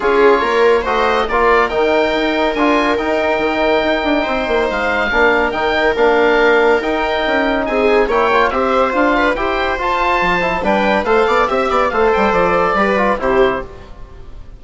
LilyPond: <<
  \new Staff \with { instrumentName = "oboe" } { \time 4/4 \tempo 4 = 141 cis''2 dis''4 d''4 | g''2 gis''4 g''4~ | g''2. f''4~ | f''4 g''4 f''2 |
g''2 gis''4 g''4 | e''4 f''4 g''4 a''4~ | a''4 g''4 f''4 e''4 | f''8 g''8 d''2 c''4 | }
  \new Staff \with { instrumentName = "viola" } { \time 4/4 gis'4 ais'4 c''4 ais'4~ | ais'1~ | ais'2 c''2 | ais'1~ |
ais'2 gis'4 cis''4 | c''4. b'8 c''2~ | c''4 b'4 c''8 d''8 e''8 d''8 | c''2 b'4 g'4 | }
  \new Staff \with { instrumentName = "trombone" } { \time 4/4 f'2 fis'4 f'4 | dis'2 f'4 dis'4~ | dis'1 | d'4 dis'4 d'2 |
dis'2. e'8 f'8 | g'4 f'4 g'4 f'4~ | f'8 e'8 d'4 a'4 g'4 | a'2 g'8 f'8 e'4 | }
  \new Staff \with { instrumentName = "bassoon" } { \time 4/4 cis'4 ais4 a4 ais4 | dis4 dis'4 d'4 dis'4 | dis4 dis'8 d'8 c'8 ais8 gis4 | ais4 dis4 ais2 |
dis'4 cis'4 c'4 ais4 | c'4 d'4 e'4 f'4 | f4 g4 a8 b8 c'8 b8 | a8 g8 f4 g4 c4 | }
>>